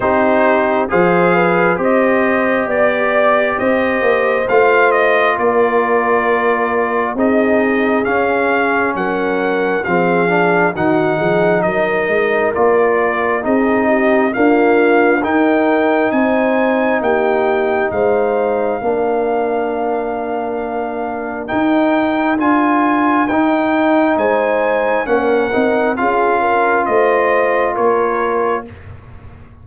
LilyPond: <<
  \new Staff \with { instrumentName = "trumpet" } { \time 4/4 \tempo 4 = 67 c''4 f''4 dis''4 d''4 | dis''4 f''8 dis''8 d''2 | dis''4 f''4 fis''4 f''4 | fis''4 dis''4 d''4 dis''4 |
f''4 g''4 gis''4 g''4 | f''1 | g''4 gis''4 g''4 gis''4 | fis''4 f''4 dis''4 cis''4 | }
  \new Staff \with { instrumentName = "horn" } { \time 4/4 g'4 c''8 b'8 c''4 d''4 | c''2 ais'2 | gis'2 ais'4 gis'4 | fis'8 gis'8 ais'2 gis'8 g'8 |
f'4 ais'4 c''4 g'4 | c''4 ais'2.~ | ais'2. c''4 | ais'4 gis'8 ais'8 c''4 ais'4 | }
  \new Staff \with { instrumentName = "trombone" } { \time 4/4 dis'4 gis'4 g'2~ | g'4 f'2. | dis'4 cis'2 c'8 d'8 | dis'2 f'4 dis'4 |
ais4 dis'2.~ | dis'4 d'2. | dis'4 f'4 dis'2 | cis'8 dis'8 f'2. | }
  \new Staff \with { instrumentName = "tuba" } { \time 4/4 c'4 f4 c'4 b4 | c'8 ais8 a4 ais2 | c'4 cis'4 fis4 f4 | dis8 f8 fis8 gis8 ais4 c'4 |
d'4 dis'4 c'4 ais4 | gis4 ais2. | dis'4 d'4 dis'4 gis4 | ais8 c'8 cis'4 a4 ais4 | }
>>